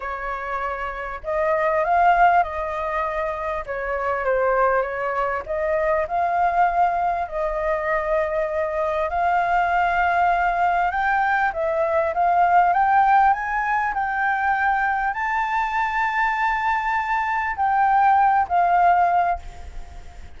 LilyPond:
\new Staff \with { instrumentName = "flute" } { \time 4/4 \tempo 4 = 99 cis''2 dis''4 f''4 | dis''2 cis''4 c''4 | cis''4 dis''4 f''2 | dis''2. f''4~ |
f''2 g''4 e''4 | f''4 g''4 gis''4 g''4~ | g''4 a''2.~ | a''4 g''4. f''4. | }